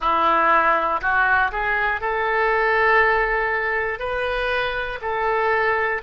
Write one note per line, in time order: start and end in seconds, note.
0.00 1.00 E4
1.00 1.50 F#4
1.51 2.00 G#4
2.00 3.99 A4
3.99 4.99 B4
5.01 6.01 A4